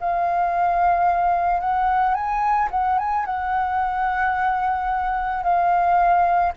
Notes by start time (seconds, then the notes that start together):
0.00 F5
1.60 F#5
2.14 G#5
2.71 F#5
2.99 G#5
3.26 F#5
5.43 F5